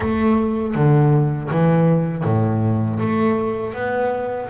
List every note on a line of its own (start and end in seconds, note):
0.00 0.74 A3
0.74 1.49 D3
1.50 2.24 E3
2.24 2.99 A2
2.99 3.73 A3
3.73 4.48 B3